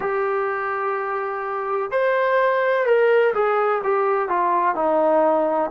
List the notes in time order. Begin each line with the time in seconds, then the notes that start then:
0.00 G4
1.91 C5
2.86 A#4
3.34 G#4
3.83 G4
4.29 F4
4.75 D#4